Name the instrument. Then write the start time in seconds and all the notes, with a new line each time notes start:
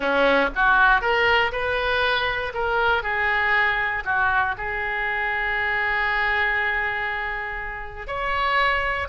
oboe
0.00 C#4
0.55 F#4
1.01 A#4
1.51 B4
2.53 A#4
3.02 G#4
4.04 F#4
4.57 G#4
8.07 C#5